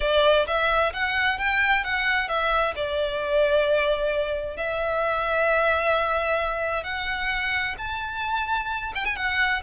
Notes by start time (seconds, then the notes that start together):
0.00 D5
0.47 E5
0.93 F#5
1.38 G5
1.84 F#5
2.28 E5
2.75 D5
4.56 E5
6.83 F#5
7.78 A5
8.94 G5
9.05 G#5
9.16 F#5